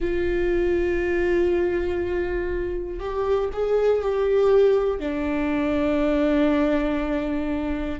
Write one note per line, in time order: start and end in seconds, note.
0.00 2.99 F4
2.99 3.49 G4
3.52 4.01 G#4
4.01 5.00 G4
5.00 7.99 D4